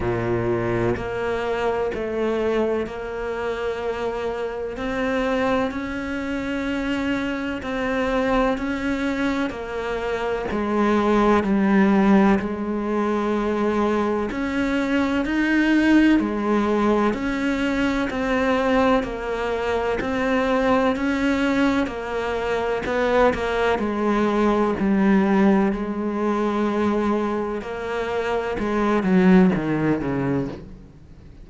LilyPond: \new Staff \with { instrumentName = "cello" } { \time 4/4 \tempo 4 = 63 ais,4 ais4 a4 ais4~ | ais4 c'4 cis'2 | c'4 cis'4 ais4 gis4 | g4 gis2 cis'4 |
dis'4 gis4 cis'4 c'4 | ais4 c'4 cis'4 ais4 | b8 ais8 gis4 g4 gis4~ | gis4 ais4 gis8 fis8 dis8 cis8 | }